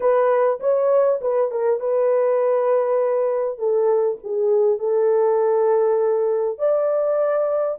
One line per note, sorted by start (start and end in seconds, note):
0.00 0.59 B4
0.59 1.19 C#5
1.21 1.51 B4
1.51 1.79 A#4
1.79 3.58 B4
3.58 4.18 A4
4.23 4.78 G#4
4.78 6.58 A4
6.58 7.78 D5